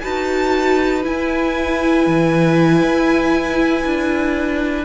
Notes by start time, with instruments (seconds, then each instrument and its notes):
0.00 cello D#4, viola F#4, violin B4 A5
1.03 viola E4, cello E4, violin G#5
2.06 cello E3
2.82 cello E4
3.85 cello D4